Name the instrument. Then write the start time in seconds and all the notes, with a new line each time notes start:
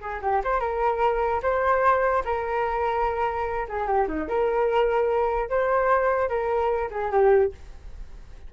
flute
0.00 G#4
0.22 G4
0.44 C5
0.60 A#4
1.42 C5
2.24 A#4
3.68 G#4
3.87 G4
4.08 D#4
4.28 A#4
5.49 C5
6.29 A#4
6.91 G#4
7.11 G4